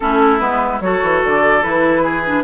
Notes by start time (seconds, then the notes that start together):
0.00 A3 C#4 E4 A4
0.39 G#3 B3 B4
0.80 F#3 F#4 A4 C#5
1.02 E3
1.25 D3 D5
1.62 E3 E4 B4
2.02 G#4
2.25 D4